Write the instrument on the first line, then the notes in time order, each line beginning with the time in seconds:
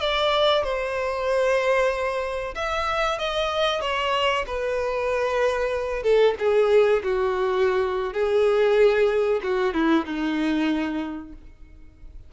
violin
0.00 D5
0.63 C5
2.55 E5
3.18 D#5
3.81 C#5
4.46 B4
6.03 A4
6.39 G#4
7.03 F#4
8.13 G#4
9.43 F#4
9.74 E4
10.05 D#4